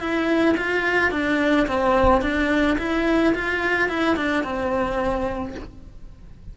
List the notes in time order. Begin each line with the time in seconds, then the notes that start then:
0.00 E4
0.57 F4
1.11 D4
1.67 C4
2.22 D4
2.79 E4
3.35 F4
3.89 E4
4.17 D4
4.44 C4